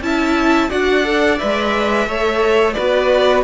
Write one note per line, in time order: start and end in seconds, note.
0.00 0.69 C#4
0.00 0.69 E4
0.00 0.69 E5
0.00 0.70 A5
0.69 1.41 D4
0.69 1.03 F#4
0.69 2.07 D5
0.69 1.38 F#5
1.03 1.38 A4
1.38 2.06 G#3
1.38 2.07 B4
1.38 2.73 E5
2.06 2.75 A3
2.06 2.76 A4
2.06 2.74 C#5
2.73 3.44 B3
2.73 3.44 F#4
2.73 3.43 B4
2.73 3.42 D5